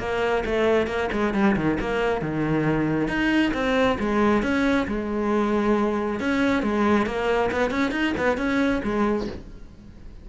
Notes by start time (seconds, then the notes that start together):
0.00 A#3
0.46 A3
0.87 A#3
1.13 G#3
1.34 G3
1.57 D#3
1.81 A#3
2.22 D#3
3.08 D#4
3.54 C4
4.00 G#3
4.43 C#4
4.88 G#3
6.20 C#4
6.63 G#3
7.07 A#3
7.52 B3
7.71 C#4
7.92 D#4
8.18 B3
8.38 C#4
8.84 G#3